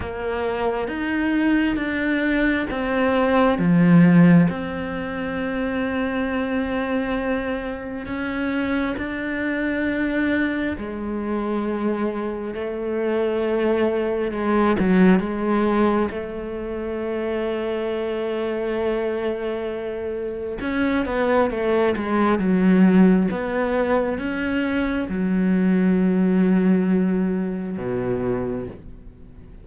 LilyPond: \new Staff \with { instrumentName = "cello" } { \time 4/4 \tempo 4 = 67 ais4 dis'4 d'4 c'4 | f4 c'2.~ | c'4 cis'4 d'2 | gis2 a2 |
gis8 fis8 gis4 a2~ | a2. cis'8 b8 | a8 gis8 fis4 b4 cis'4 | fis2. b,4 | }